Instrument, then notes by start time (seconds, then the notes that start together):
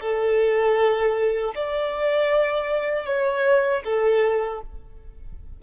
violin
0.00 A4
1.55 D5
3.06 C#5
3.84 A4